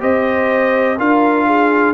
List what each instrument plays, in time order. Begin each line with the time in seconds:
0.00 tuba C4, trombone G4, horn C5, trumpet D#5
0.98 tuba D4, trombone F4, horn A#4, trumpet F5
1.47 horn G#4